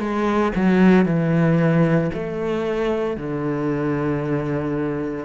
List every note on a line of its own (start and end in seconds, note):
0.00 0.53 G#3
0.56 1.06 F#3
1.06 2.11 E3
2.14 3.17 A3
3.17 5.25 D3